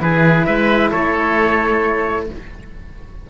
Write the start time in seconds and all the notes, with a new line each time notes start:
0.00 E3 E4 G#4 B4
0.46 G#3 B4 E5
0.91 A3 A4 C#5